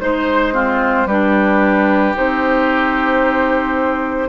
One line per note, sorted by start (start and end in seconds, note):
0.00 1.06 G#3
0.00 0.53 D#4
0.00 1.07 C5
0.00 0.53 C5
0.53 1.07 C4
0.53 1.07 F4
1.06 2.13 G3
1.06 2.15 D4
1.06 4.28 G4
1.06 2.14 B4
2.15 4.29 C4
2.15 4.29 D#4
2.15 4.29 C5